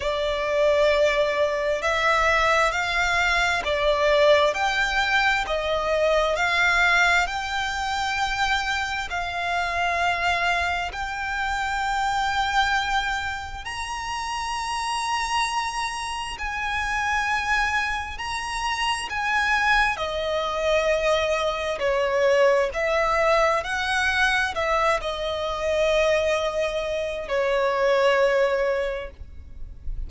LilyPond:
\new Staff \with { instrumentName = "violin" } { \time 4/4 \tempo 4 = 66 d''2 e''4 f''4 | d''4 g''4 dis''4 f''4 | g''2 f''2 | g''2. ais''4~ |
ais''2 gis''2 | ais''4 gis''4 dis''2 | cis''4 e''4 fis''4 e''8 dis''8~ | dis''2 cis''2 | }